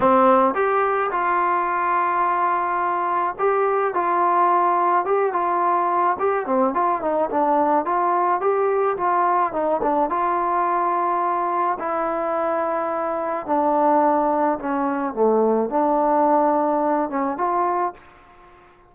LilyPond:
\new Staff \with { instrumentName = "trombone" } { \time 4/4 \tempo 4 = 107 c'4 g'4 f'2~ | f'2 g'4 f'4~ | f'4 g'8 f'4. g'8 c'8 | f'8 dis'8 d'4 f'4 g'4 |
f'4 dis'8 d'8 f'2~ | f'4 e'2. | d'2 cis'4 a4 | d'2~ d'8 cis'8 f'4 | }